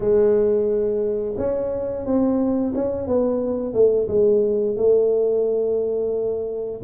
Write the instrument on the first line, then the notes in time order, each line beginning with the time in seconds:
tuba
0.00 G#3
1.37 C#4
2.05 C4
2.74 C#4
3.07 B3
3.73 A3
4.08 G#3
4.76 A3